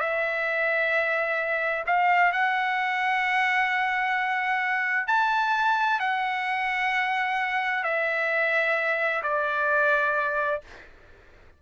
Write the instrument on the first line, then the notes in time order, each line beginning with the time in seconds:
trumpet
0.00 E5
1.87 F5
2.32 F#5
5.07 A5
6.00 F#5
7.84 E5
9.23 D5